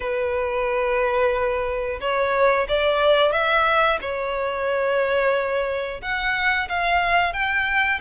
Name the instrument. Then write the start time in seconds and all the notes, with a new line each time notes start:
violin
0.00 B4
2.00 C#5
2.68 D5
3.32 E5
4.01 C#5
6.01 F#5
6.68 F5
7.33 G5